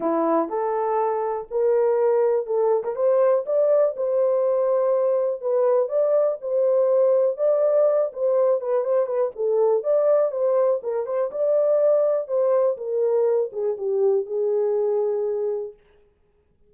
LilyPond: \new Staff \with { instrumentName = "horn" } { \time 4/4 \tempo 4 = 122 e'4 a'2 ais'4~ | ais'4 a'8. ais'16 c''4 d''4 | c''2. b'4 | d''4 c''2 d''4~ |
d''8 c''4 b'8 c''8 b'8 a'4 | d''4 c''4 ais'8 c''8 d''4~ | d''4 c''4 ais'4. gis'8 | g'4 gis'2. | }